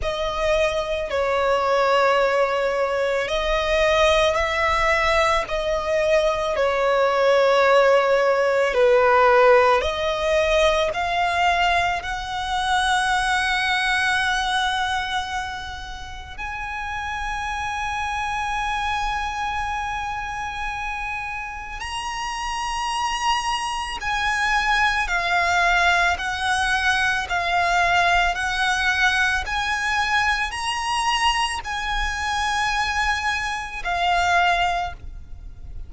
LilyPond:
\new Staff \with { instrumentName = "violin" } { \time 4/4 \tempo 4 = 55 dis''4 cis''2 dis''4 | e''4 dis''4 cis''2 | b'4 dis''4 f''4 fis''4~ | fis''2. gis''4~ |
gis''1 | ais''2 gis''4 f''4 | fis''4 f''4 fis''4 gis''4 | ais''4 gis''2 f''4 | }